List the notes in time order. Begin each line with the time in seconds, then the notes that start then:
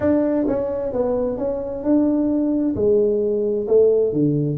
0.00 D4
0.47 C#4
0.92 B3
1.37 C#4
1.83 D4
2.75 G#3
3.67 A3
4.12 D3